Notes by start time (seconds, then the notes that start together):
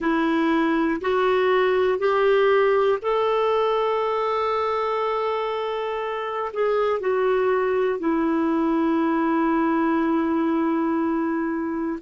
0.00 E4
1.01 F#4
1.98 G4
3.02 A4
6.53 G#4
7.00 F#4
7.99 E4